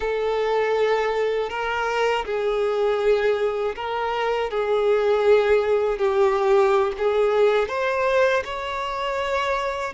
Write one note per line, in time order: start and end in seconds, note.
0.00 1.49 A4
1.49 2.24 A#4
2.25 3.75 G#4
3.75 4.50 A#4
4.50 5.98 G#4
5.98 6.92 G4
6.97 7.68 G#4
7.68 8.43 C5
8.44 9.93 C#5